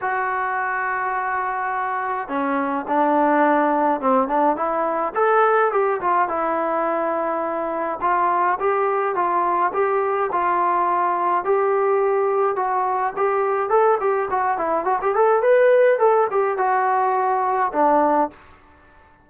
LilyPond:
\new Staff \with { instrumentName = "trombone" } { \time 4/4 \tempo 4 = 105 fis'1 | cis'4 d'2 c'8 d'8 | e'4 a'4 g'8 f'8 e'4~ | e'2 f'4 g'4 |
f'4 g'4 f'2 | g'2 fis'4 g'4 | a'8 g'8 fis'8 e'8 fis'16 g'16 a'8 b'4 | a'8 g'8 fis'2 d'4 | }